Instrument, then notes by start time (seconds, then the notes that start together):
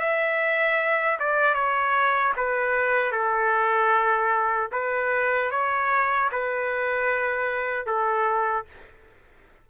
trumpet
0.00 E5
1.20 D5
1.54 C#5
2.37 B4
3.12 A4
4.72 B4
5.51 C#5
6.32 B4
7.87 A4